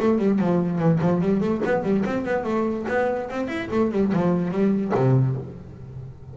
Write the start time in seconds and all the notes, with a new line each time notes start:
0.00 A3
0.18 G3
0.39 F3
0.79 E3
1.01 F3
1.21 G3
1.41 A3
1.65 B3
1.83 G3
2.06 C4
2.25 B3
2.44 A3
2.89 B3
3.30 C4
3.48 E4
3.71 A3
3.92 G3
4.13 F3
4.51 G3
4.95 C3